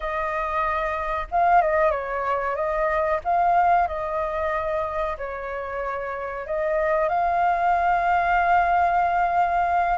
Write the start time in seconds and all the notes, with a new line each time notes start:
0.00 D#5
1.31 F5
1.61 D#5
1.91 C#5
2.55 D#5
3.24 F5
3.87 D#5
5.17 C#5
6.46 D#5
7.08 F5